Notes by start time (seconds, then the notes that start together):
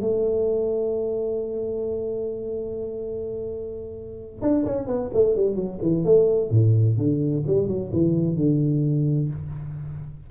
0.00 A3
4.41 D4
4.65 C#4
4.86 B3
5.13 A3
5.35 G3
5.55 F#3
5.81 E3
6.04 A3
6.50 A2
6.97 D3
7.47 G3
7.67 F#3
7.92 E3
8.36 D3